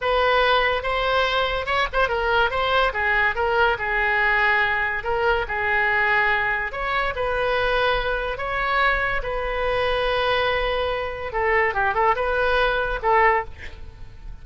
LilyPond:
\new Staff \with { instrumentName = "oboe" } { \time 4/4 \tempo 4 = 143 b'2 c''2 | cis''8 c''8 ais'4 c''4 gis'4 | ais'4 gis'2. | ais'4 gis'2. |
cis''4 b'2. | cis''2 b'2~ | b'2. a'4 | g'8 a'8 b'2 a'4 | }